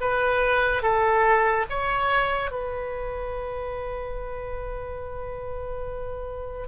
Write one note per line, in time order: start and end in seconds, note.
0.00 0.82 B4
0.82 1.65 A4
1.69 2.51 C#5
2.51 6.67 B4